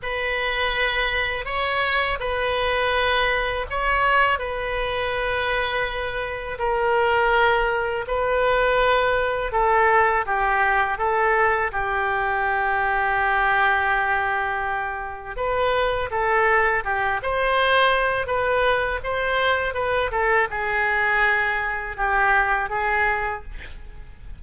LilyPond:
\new Staff \with { instrumentName = "oboe" } { \time 4/4 \tempo 4 = 82 b'2 cis''4 b'4~ | b'4 cis''4 b'2~ | b'4 ais'2 b'4~ | b'4 a'4 g'4 a'4 |
g'1~ | g'4 b'4 a'4 g'8 c''8~ | c''4 b'4 c''4 b'8 a'8 | gis'2 g'4 gis'4 | }